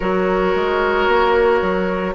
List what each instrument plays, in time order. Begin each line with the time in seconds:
0.00 bassoon F#3, clarinet F#4, oboe A#4, flute C#5
0.55 bassoon G#3
1.07 bassoon A#3
1.61 bassoon F#3